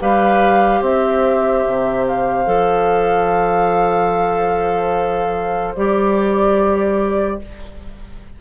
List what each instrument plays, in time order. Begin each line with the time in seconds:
0.00 bassoon G3, clarinet G4, oboe B4, flute F5
0.81 bassoon C4, oboe C5, flute E5
1.67 bassoon C3
2.07 flute F5
2.45 bassoon F3, clarinet A4
5.75 bassoon G3, clarinet G4, flute D5